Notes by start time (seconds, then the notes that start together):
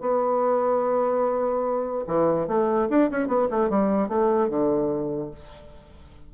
0.00 B3
2.07 E3
2.47 A3
2.89 D4
3.10 C#4
3.27 B3
3.50 A3
3.69 G3
4.08 A3
4.49 D3